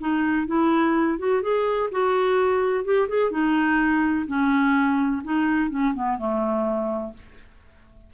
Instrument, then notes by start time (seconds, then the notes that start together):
clarinet
0.00 D#4
0.47 E4
1.18 F#4
1.42 G#4
1.92 F#4
2.85 G4
3.09 G#4
3.31 D#4
4.27 C#4
5.24 D#4
5.70 C#4
5.94 B3
6.18 A3